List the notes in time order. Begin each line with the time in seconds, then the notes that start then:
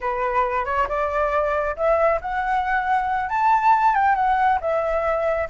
0.01 B4
0.65 C#5
0.88 D5
1.76 E5
2.21 F#5
3.29 A5
3.94 G5
4.15 F#5
4.60 E5